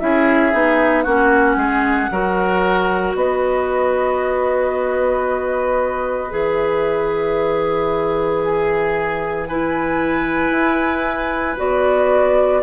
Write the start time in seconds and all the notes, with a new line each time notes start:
0.00 C#4 E4 G#4 E5
0.53 B3 D#4
1.03 A#3 C#4 F#4 F#5
1.57 G#3 G#4
2.11 F#3 F#4 A#4
3.15 B3 B4 D#5
6.31 E3 G#4 E5
8.44 G#4
9.46 E4 B4 G#5
10.51 E4
11.57 B3 F#4 D5